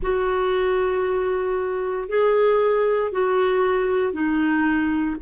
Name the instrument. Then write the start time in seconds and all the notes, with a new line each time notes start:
clarinet
0.02 F#4
2.08 G#4
3.11 F#4
4.12 D#4